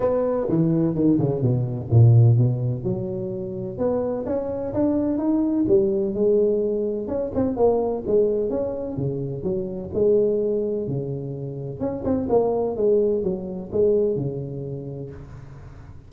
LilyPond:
\new Staff \with { instrumentName = "tuba" } { \time 4/4 \tempo 4 = 127 b4 e4 dis8 cis8 b,4 | ais,4 b,4 fis2 | b4 cis'4 d'4 dis'4 | g4 gis2 cis'8 c'8 |
ais4 gis4 cis'4 cis4 | fis4 gis2 cis4~ | cis4 cis'8 c'8 ais4 gis4 | fis4 gis4 cis2 | }